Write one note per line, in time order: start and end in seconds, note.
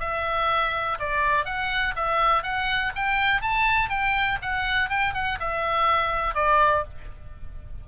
0.00 0.98 E5
0.99 1.45 D5
1.45 1.94 F#5
1.96 2.43 E5
2.43 2.92 F#5
2.96 3.41 G5
3.41 3.90 A5
3.90 4.39 G5
4.42 4.89 F#5
4.89 5.14 G5
5.14 5.39 F#5
5.40 6.34 E5
6.34 6.84 D5